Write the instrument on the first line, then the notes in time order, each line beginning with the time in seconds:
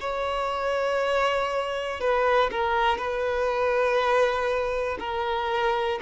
violin
0.00 C#5
2.00 B4
2.50 A#4
2.97 B4
4.99 A#4